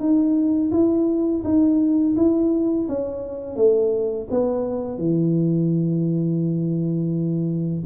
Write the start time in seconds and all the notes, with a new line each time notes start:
0.00 D#4
0.72 E4
1.45 D#4
2.17 E4
2.89 C#4
3.56 A3
4.31 B3
4.98 E3